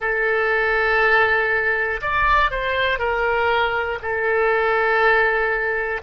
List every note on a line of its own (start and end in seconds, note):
0.00 2.00 A4
2.01 2.50 D5
2.50 2.98 C5
2.98 3.98 A#4
4.02 6.02 A4